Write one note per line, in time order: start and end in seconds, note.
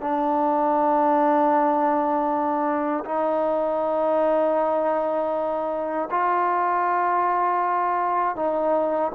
0.00 3.04 D4
3.04 6.08 D#4
6.10 8.35 F4
8.35 9.11 D#4